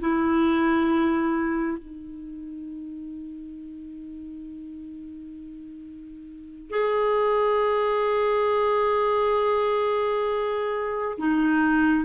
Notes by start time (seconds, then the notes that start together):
0.00 E4
1.78 D#4
6.70 G#4
11.18 D#4